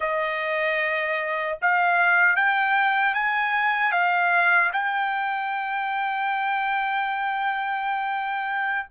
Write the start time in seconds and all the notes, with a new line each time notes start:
0.00 D#5
1.61 F5
2.35 G5
3.14 G#5
3.92 F5
4.73 G5